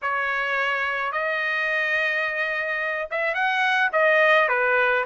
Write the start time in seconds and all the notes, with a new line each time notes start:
0.02 C#5
1.12 D#5
3.10 E5
3.34 F#5
3.92 D#5
4.48 B4